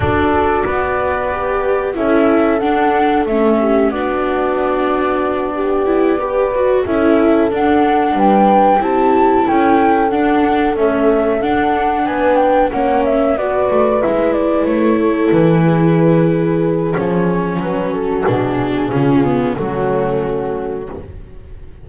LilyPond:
<<
  \new Staff \with { instrumentName = "flute" } { \time 4/4 \tempo 4 = 92 d''2. e''4 | fis''4 e''4 d''2~ | d''2~ d''8 e''4 fis''8~ | fis''8 g''4 a''4 g''4 fis''8~ |
fis''8 e''4 fis''4 gis''8 g''8 fis''8 | e''8 d''4 e''8 d''8 cis''4 b'8~ | b'2 cis''4 b'8 a'8 | gis'2 fis'2 | }
  \new Staff \with { instrumentName = "horn" } { \time 4/4 a'4 b'2 a'4~ | a'4. g'8 fis'2~ | fis'8 g'4 b'4 a'4.~ | a'8 b'4 g'4 a'4.~ |
a'2~ a'8 b'4 cis''8~ | cis''8 b'2~ b'8 a'4 | gis'2. fis'4~ | fis'4 f'4 cis'2 | }
  \new Staff \with { instrumentName = "viola" } { \time 4/4 fis'2 g'4 e'4 | d'4 cis'4 d'2~ | d'4 e'8 g'8 fis'8 e'4 d'8~ | d'4. e'2 d'8~ |
d'8 a4 d'2 cis'8~ | cis'8 fis'4 e'2~ e'8~ | e'2 cis'2 | d'4 cis'8 b8 a2 | }
  \new Staff \with { instrumentName = "double bass" } { \time 4/4 d'4 b2 cis'4 | d'4 a4 b2~ | b2~ b8 cis'4 d'8~ | d'8 g4 c'4 cis'4 d'8~ |
d'8 cis'4 d'4 b4 ais8~ | ais8 b8 a8 gis4 a4 e8~ | e2 f4 fis4 | b,4 cis4 fis2 | }
>>